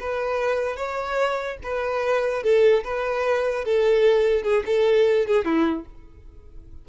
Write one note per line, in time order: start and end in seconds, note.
0.00 0.76 B4
0.76 1.57 C#5
1.63 2.43 B4
2.43 2.83 A4
2.84 3.64 B4
3.64 4.43 A4
4.43 4.63 G#4
4.66 5.26 A4
5.26 5.45 G#4
5.45 5.85 E4